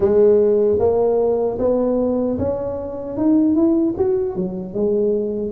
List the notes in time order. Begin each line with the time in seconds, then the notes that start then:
0.00 G#3
0.79 A#3
1.59 B3
2.38 C#4
3.17 D#4
3.55 E4
3.97 F#4
4.35 F#3
4.74 G#3